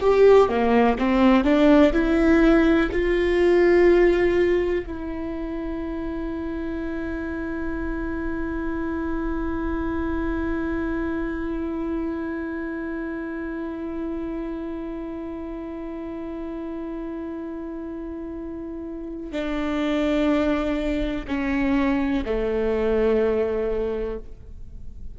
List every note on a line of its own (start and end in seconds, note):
0.00 0.48 G4
0.48 0.97 A#3
0.98 1.44 C4
1.44 1.92 D4
1.93 2.89 E4
2.92 4.85 F4
4.86 19.32 E4
19.32 21.26 D4
21.27 22.24 C#4
22.25 24.18 A3